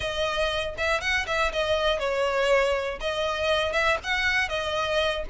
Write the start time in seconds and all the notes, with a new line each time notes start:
0.00 D#5
0.77 E5
1.00 F#5
1.26 E5
1.52 D#5
1.99 C#5
3.00 D#5
3.72 E5
4.03 F#5
4.49 D#5